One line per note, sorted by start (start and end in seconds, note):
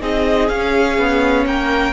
0.00 0.50 C4
0.00 0.48 D#4
0.00 1.45 G#4
0.00 0.49 D#5
0.49 0.98 C#4
0.49 1.93 C#4
0.49 1.45 F5
0.98 1.46 B3
1.46 1.93 A#3
1.46 1.93 A#4
1.46 1.93 G5